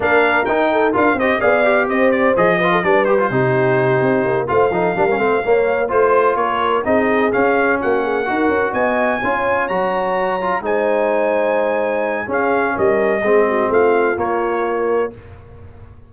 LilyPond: <<
  \new Staff \with { instrumentName = "trumpet" } { \time 4/4 \tempo 4 = 127 f''4 g''4 f''8 dis''8 f''4 | dis''8 d''8 dis''4 d''8 c''4.~ | c''4. f''2~ f''8~ | f''8 c''4 cis''4 dis''4 f''8~ |
f''8 fis''2 gis''4.~ | gis''8 ais''2 gis''4.~ | gis''2 f''4 dis''4~ | dis''4 f''4 cis''2 | }
  \new Staff \with { instrumentName = "horn" } { \time 4/4 ais'4. a'8 ais'8 c''8 d''4 | c''4. b'16 a'16 b'4 g'4~ | g'4. c''8 a'8 ais'8 c''8 cis''8~ | cis''8 c''4 ais'4 gis'4.~ |
gis'8 fis'8 gis'8 ais'4 dis''4 cis''8~ | cis''2~ cis''8 c''4.~ | c''2 gis'4 ais'4 | gis'8 fis'8 f'2. | }
  \new Staff \with { instrumentName = "trombone" } { \time 4/4 d'4 dis'4 f'8 g'8 gis'8 g'8~ | g'4 gis'8 f'8 d'8 g'16 f'16 dis'4~ | dis'4. f'8 dis'8 d'16 cis'16 c'8 ais8~ | ais8 f'2 dis'4 cis'8~ |
cis'4. fis'2 f'8~ | f'8 fis'4. f'8 dis'4.~ | dis'2 cis'2 | c'2 ais2 | }
  \new Staff \with { instrumentName = "tuba" } { \time 4/4 ais4 dis'4 d'8 c'8 b4 | c'4 f4 g4 c4~ | c8 c'8 ais8 a8 f8 g8 a8 ais8~ | ais8 a4 ais4 c'4 cis'8~ |
cis'8 ais4 dis'8 cis'8 b4 cis'8~ | cis'8 fis2 gis4.~ | gis2 cis'4 g4 | gis4 a4 ais2 | }
>>